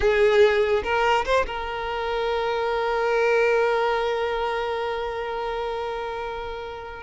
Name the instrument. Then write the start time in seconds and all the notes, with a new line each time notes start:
violin
0.00 G#4
0.83 A#4
1.25 C5
1.46 A#4